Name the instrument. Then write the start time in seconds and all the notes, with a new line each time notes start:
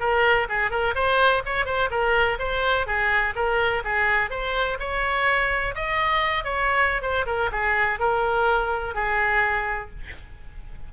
oboe
0.00 A#4
0.49 G#4
0.71 A#4
0.95 C5
1.45 C#5
1.66 C5
1.91 A#4
2.39 C5
2.87 G#4
3.35 A#4
3.84 G#4
4.30 C5
4.80 C#5
5.75 D#5
6.45 C#5
7.02 C5
7.26 A#4
7.52 G#4
8.00 A#4
8.95 G#4